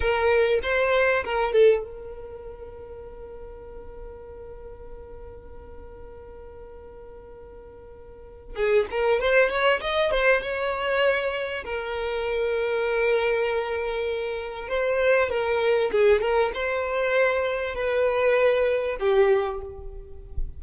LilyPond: \new Staff \with { instrumentName = "violin" } { \time 4/4 \tempo 4 = 98 ais'4 c''4 ais'8 a'8 ais'4~ | ais'1~ | ais'1~ | ais'2 gis'8 ais'8 c''8 cis''8 |
dis''8 c''8 cis''2 ais'4~ | ais'1 | c''4 ais'4 gis'8 ais'8 c''4~ | c''4 b'2 g'4 | }